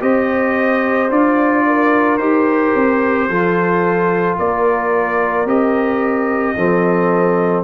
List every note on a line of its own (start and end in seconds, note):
0.00 1.10 C4
0.00 1.09 G4
0.00 1.66 C5
0.00 1.11 D#5
1.10 2.19 D4
1.10 2.19 F4
1.10 2.17 D5
1.66 3.29 A#4
2.17 2.74 D#4
2.17 3.29 G4
2.17 4.35 C5
2.75 3.29 C4
3.29 4.38 F3
3.29 5.47 F4
3.29 4.38 A4
4.38 5.46 A#3
4.38 6.56 A#4
4.38 5.47 D5
5.46 6.55 C4
5.46 6.56 G4
5.46 7.63 D#5
6.56 7.63 F3
6.56 7.63 C4
6.56 7.63 A4